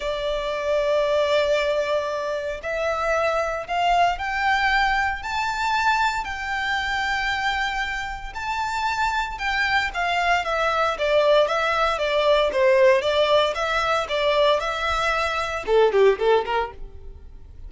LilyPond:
\new Staff \with { instrumentName = "violin" } { \time 4/4 \tempo 4 = 115 d''1~ | d''4 e''2 f''4 | g''2 a''2 | g''1 |
a''2 g''4 f''4 | e''4 d''4 e''4 d''4 | c''4 d''4 e''4 d''4 | e''2 a'8 g'8 a'8 ais'8 | }